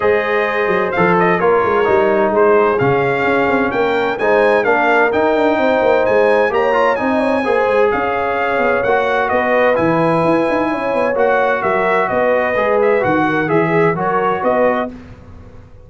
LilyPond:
<<
  \new Staff \with { instrumentName = "trumpet" } { \time 4/4 \tempo 4 = 129 dis''2 f''8 dis''8 cis''4~ | cis''4 c''4 f''2 | g''4 gis''4 f''4 g''4~ | g''4 gis''4 ais''4 gis''4~ |
gis''4 f''2 fis''4 | dis''4 gis''2. | fis''4 e''4 dis''4. e''8 | fis''4 e''4 cis''4 dis''4 | }
  \new Staff \with { instrumentName = "horn" } { \time 4/4 c''2. ais'4~ | ais'4 gis'2. | ais'4 c''4 ais'2 | c''2 cis''4 dis''8 cis''8 |
c''4 cis''2. | b'2. cis''4~ | cis''4 ais'4 b'2~ | b'8 ais'8 gis'4 ais'4 b'4 | }
  \new Staff \with { instrumentName = "trombone" } { \time 4/4 gis'2 a'4 f'4 | dis'2 cis'2~ | cis'4 dis'4 d'4 dis'4~ | dis'2 g'8 f'8 dis'4 |
gis'2. fis'4~ | fis'4 e'2. | fis'2. gis'4 | fis'4 gis'4 fis'2 | }
  \new Staff \with { instrumentName = "tuba" } { \time 4/4 gis4. fis8 f4 ais8 gis8 | g4 gis4 cis4 cis'8 c'8 | ais4 gis4 ais4 dis'8 d'8 | c'8 ais8 gis4 ais4 c'4 |
ais8 gis8 cis'4. b8 ais4 | b4 e4 e'8 dis'8 cis'8 b8 | ais4 fis4 b4 gis4 | dis4 e4 fis4 b4 | }
>>